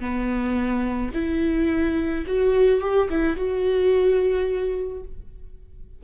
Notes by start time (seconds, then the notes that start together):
0.00 B3
1.14 E4
2.26 F#4
2.81 G4
3.10 E4
3.36 F#4